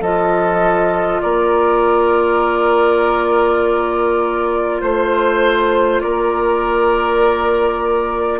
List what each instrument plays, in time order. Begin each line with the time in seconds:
0.00 bassoon F3, clarinet F4, oboe A4, flute D#5
1.21 bassoon A#3, oboe A#4, flute D5
4.80 bassoon A3, flute C5, oboe C5
6.00 bassoon A#3, oboe A#4, flute D5